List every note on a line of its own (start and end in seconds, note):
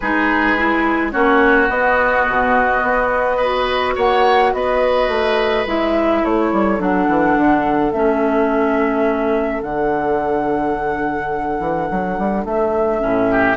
0.00 1.14 G#3
0.00 0.57 D#4
0.00 1.12 G#4
0.00 1.11 B4
0.57 1.11 E4
1.11 1.69 A#3
1.11 1.68 C#4
1.11 3.36 F#4
1.11 1.68 C#5
1.69 2.25 B3
1.69 3.41 B3
1.69 3.95 D#5
2.29 2.82 B2
2.82 3.96 B3
3.36 5.67 F#4
3.36 3.93 B4
3.95 4.53 A#3
3.95 4.52 C#5
3.95 4.53 F#5
4.53 5.07 B3
4.53 6.21 B4
4.53 5.66 D#5
5.07 5.64 A3
5.66 6.22 G#3
5.66 6.78 E4
5.66 6.24 E5
6.21 6.52 A3
6.21 13.29 A4
6.21 6.81 C#5
6.52 6.79 G3
6.78 7.07 F#3
6.78 7.91 D4
6.78 7.92 F#5
7.08 7.36 E3
7.36 7.92 D3
7.92 9.62 A3
7.92 9.62 C#4
7.92 9.61 E5
9.62 11.59 D3
9.62 12.99 D4
9.62 12.45 F#5
11.59 11.88 E3
11.91 12.18 F#3
12.18 12.44 G3
12.44 13.01 A3
12.44 13.56 E5
12.99 13.56 A2
12.99 13.56 C#4
13.30 13.56 G4